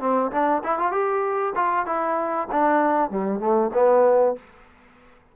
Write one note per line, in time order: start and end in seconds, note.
0.00 0.31 C4
0.31 0.62 D4
0.63 0.78 E4
0.78 0.91 F4
0.91 1.53 G4
1.55 1.86 F4
1.86 2.48 E4
2.51 3.10 D4
3.10 3.39 G3
3.39 3.70 A3
3.73 4.35 B3